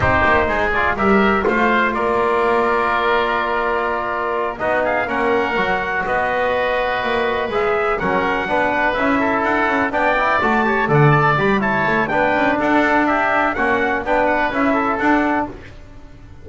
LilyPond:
<<
  \new Staff \with { instrumentName = "trumpet" } { \time 4/4 \tempo 4 = 124 c''4. d''8 e''4 f''4 | d''1~ | d''4. dis''8 f''8 fis''4.~ | fis''8 dis''2. e''8~ |
e''8 fis''2 e''4 fis''8~ | fis''8 g''4 a''4 fis''8 a''8 b''8 | a''4 g''4 fis''4 e''4 | fis''4 g''8 fis''8 e''4 fis''4 | }
  \new Staff \with { instrumentName = "oboe" } { \time 4/4 g'4 gis'4 ais'4 c''4 | ais'1~ | ais'4. fis'8 gis'8 ais'4.~ | ais'8 b'2.~ b'8~ |
b'8 ais'4 b'4. a'4~ | a'8 d''4. cis''8 d''4. | cis''4 b'4 a'4 g'4 | fis'4 b'4. a'4. | }
  \new Staff \with { instrumentName = "trombone" } { \time 4/4 dis'4. f'8 g'4 f'4~ | f'1~ | f'4. dis'4 cis'4 fis'8~ | fis'2.~ fis'8 gis'8~ |
gis'8 cis'4 d'4 e'4.~ | e'8 d'8 e'8 fis'8 g'8 a'4 g'8 | e'4 d'2. | cis'4 d'4 e'4 d'4 | }
  \new Staff \with { instrumentName = "double bass" } { \time 4/4 c'8 ais8 gis4 g4 a4 | ais1~ | ais4. b4 ais4 fis8~ | fis8 b2 ais4 gis8~ |
gis8 fis4 b4 cis'4 d'8 | cis'8 b4 a4 d4 g8~ | g8 a8 b8 cis'8 d'2 | ais4 b4 cis'4 d'4 | }
>>